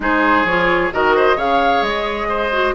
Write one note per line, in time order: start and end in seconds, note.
0.00 0.44 G#3
0.00 0.45 D#4
0.00 0.93 G#4
0.00 0.45 C5
0.44 0.90 F3
0.44 0.91 F4
0.44 0.91 C#5
0.91 1.36 D#3
0.91 1.36 F#4
0.91 1.16 A#4
0.91 1.38 D#5
1.16 1.36 C5
1.36 1.81 C#3
1.36 2.51 G#4
1.36 2.27 C#5
1.36 1.83 F5
1.81 2.73 G#3
1.81 2.74 D#5
2.28 2.74 C5
2.51 2.74 F#4